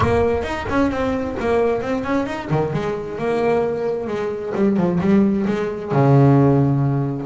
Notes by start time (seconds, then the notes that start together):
0.00 A#3
0.43 D#4
0.69 C#4
0.91 C4
1.40 A#3
1.81 C4
2.04 C#4
2.26 D#4
2.50 D#3
2.73 G#3
3.18 A#3
4.07 G#3
4.55 G3
4.76 F3
5.00 G3
5.47 G#3
5.92 C#3